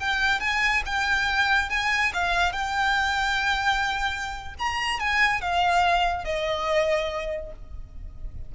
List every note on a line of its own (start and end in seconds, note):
0.00 0.40 G5
0.40 0.83 G#5
0.86 1.70 G5
1.70 2.12 G#5
2.14 2.52 F5
2.52 4.55 G5
4.59 5.00 A#5
5.00 5.41 G#5
5.41 6.25 F5
6.25 7.52 D#5